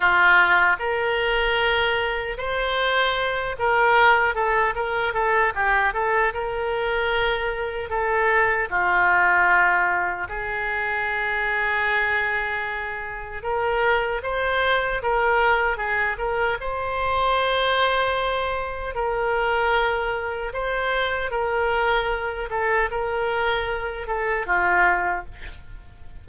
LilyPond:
\new Staff \with { instrumentName = "oboe" } { \time 4/4 \tempo 4 = 76 f'4 ais'2 c''4~ | c''8 ais'4 a'8 ais'8 a'8 g'8 a'8 | ais'2 a'4 f'4~ | f'4 gis'2.~ |
gis'4 ais'4 c''4 ais'4 | gis'8 ais'8 c''2. | ais'2 c''4 ais'4~ | ais'8 a'8 ais'4. a'8 f'4 | }